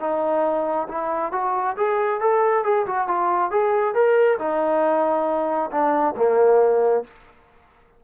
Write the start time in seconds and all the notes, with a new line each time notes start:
0.00 D#4
0.88 E4
1.32 F#4
1.77 G#4
2.20 A4
2.64 G#4
2.86 F#4
3.08 F4
3.51 G#4
3.94 A#4
4.39 D#4
5.71 D4
6.16 A#3